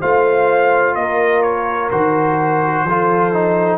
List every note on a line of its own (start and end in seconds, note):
0.00 0.95 A3
0.00 1.92 F4
0.00 0.95 C5
0.00 0.95 F5
0.95 1.90 A#3
0.95 2.86 A#4
0.95 1.42 D#5
1.42 1.90 C#5
1.91 2.84 D#3
1.91 2.87 F#4
1.91 3.78 C5
2.84 3.78 F3
2.84 3.33 F4
2.84 3.78 A4
3.33 3.78 D#4